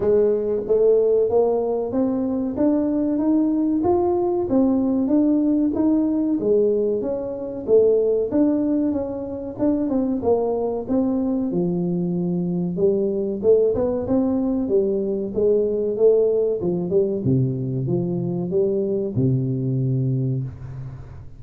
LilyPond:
\new Staff \with { instrumentName = "tuba" } { \time 4/4 \tempo 4 = 94 gis4 a4 ais4 c'4 | d'4 dis'4 f'4 c'4 | d'4 dis'4 gis4 cis'4 | a4 d'4 cis'4 d'8 c'8 |
ais4 c'4 f2 | g4 a8 b8 c'4 g4 | gis4 a4 f8 g8 c4 | f4 g4 c2 | }